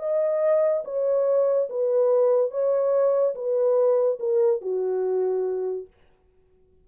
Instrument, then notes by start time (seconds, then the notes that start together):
horn
0.00 D#5
0.85 C#5
1.70 B4
2.51 C#5
3.35 B4
4.20 A#4
4.62 F#4